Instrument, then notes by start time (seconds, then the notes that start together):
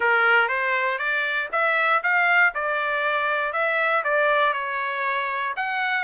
trumpet
0.00 A#4
0.48 C5
0.98 D5
1.51 E5
2.03 F5
2.54 D5
3.52 E5
4.04 D5
4.53 C#5
5.56 F#5